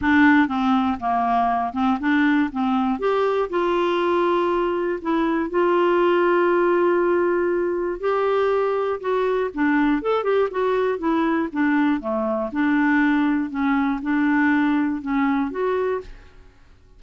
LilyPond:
\new Staff \with { instrumentName = "clarinet" } { \time 4/4 \tempo 4 = 120 d'4 c'4 ais4. c'8 | d'4 c'4 g'4 f'4~ | f'2 e'4 f'4~ | f'1 |
g'2 fis'4 d'4 | a'8 g'8 fis'4 e'4 d'4 | a4 d'2 cis'4 | d'2 cis'4 fis'4 | }